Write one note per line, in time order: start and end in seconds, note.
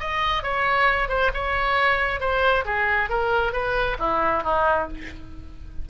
0.00 0.43 D#5
0.43 1.09 C#5
1.09 1.31 C5
1.34 2.20 C#5
2.20 2.65 C5
2.65 3.09 G#4
3.09 3.53 A#4
3.53 3.97 B4
3.99 4.43 E4
4.44 4.88 D#4